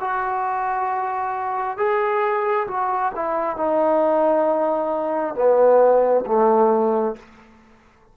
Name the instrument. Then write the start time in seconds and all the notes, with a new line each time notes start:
trombone
0.00 F#4
1.77 G#4
2.67 F#4
3.15 E4
3.57 D#4
5.35 B3
6.26 A3